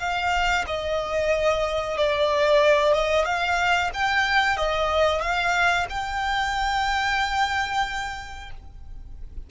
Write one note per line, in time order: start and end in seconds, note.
0.00 0.65 F5
0.67 1.97 D#5
1.97 2.93 D5
2.93 3.25 D#5
3.25 3.91 F5
3.94 4.57 G5
4.57 5.22 D#5
5.22 5.87 F5
5.90 8.50 G5